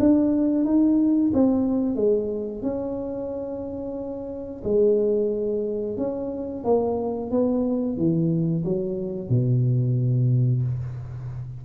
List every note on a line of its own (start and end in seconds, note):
0.00 0.65 D4
0.65 1.32 D#4
1.34 1.96 C4
1.96 2.62 G#3
2.63 4.63 C#4
4.64 5.97 G#3
5.97 6.64 C#4
6.64 7.31 A#3
7.31 7.97 B3
7.97 8.64 E3
8.65 9.29 F#3
9.29 10.62 B2